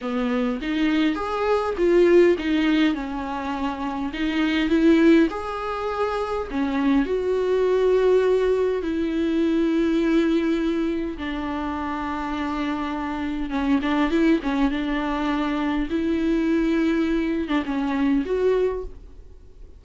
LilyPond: \new Staff \with { instrumentName = "viola" } { \time 4/4 \tempo 4 = 102 b4 dis'4 gis'4 f'4 | dis'4 cis'2 dis'4 | e'4 gis'2 cis'4 | fis'2. e'4~ |
e'2. d'4~ | d'2. cis'8 d'8 | e'8 cis'8 d'2 e'4~ | e'4.~ e'16 d'16 cis'4 fis'4 | }